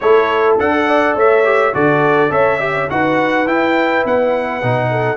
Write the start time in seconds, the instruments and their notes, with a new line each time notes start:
0.00 tuba A3, trombone E4, horn A4, trumpet C#5
0.58 tuba D4, trombone A4, trumpet F#5
0.86 horn D5
1.15 tuba A3, horn C#5, trumpet E5
1.44 trombone G4
1.73 tuba D3, trombone F#4, horn A4, trumpet D5
2.29 tuba C#4, trombone A4, horn C#5, trumpet E5
2.58 trombone G4, horn E5
2.73 horn C#5
2.90 tuba D#4, trombone F#4, horn B4, trumpet F#5
3.46 tuba E4, trombone E4, trumpet G5
4.05 tuba B3, trumpet F#5
4.62 tuba B2, trombone D#4
4.90 horn A4